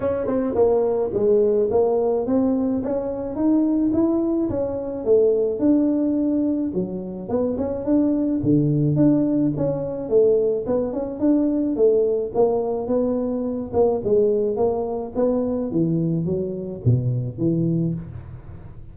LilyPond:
\new Staff \with { instrumentName = "tuba" } { \time 4/4 \tempo 4 = 107 cis'8 c'8 ais4 gis4 ais4 | c'4 cis'4 dis'4 e'4 | cis'4 a4 d'2 | fis4 b8 cis'8 d'4 d4 |
d'4 cis'4 a4 b8 cis'8 | d'4 a4 ais4 b4~ | b8 ais8 gis4 ais4 b4 | e4 fis4 b,4 e4 | }